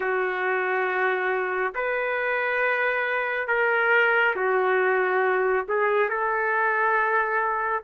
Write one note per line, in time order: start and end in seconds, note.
0.00 1.74 F#4
1.74 3.47 B4
3.47 4.34 A#4
4.35 5.66 F#4
5.68 6.09 G#4
6.09 7.83 A4